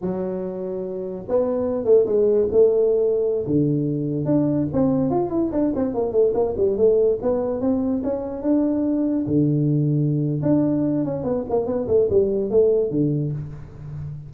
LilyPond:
\new Staff \with { instrumentName = "tuba" } { \time 4/4 \tempo 4 = 144 fis2. b4~ | b8 a8 gis4 a2~ | a16 d2 d'4 c'8.~ | c'16 f'8 e'8 d'8 c'8 ais8 a8 ais8 g16~ |
g16 a4 b4 c'4 cis'8.~ | cis'16 d'2 d4.~ d16~ | d4 d'4. cis'8 b8 ais8 | b8 a8 g4 a4 d4 | }